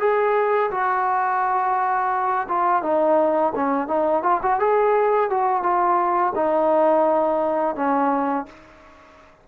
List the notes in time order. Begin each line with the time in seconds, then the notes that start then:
0.00 G#4
0.71 F#4
2.48 F4
2.82 D#4
3.55 C#4
3.88 D#4
4.23 F4
4.43 F#4
4.60 G#4
5.30 F#4
5.63 F4
6.35 D#4
7.76 C#4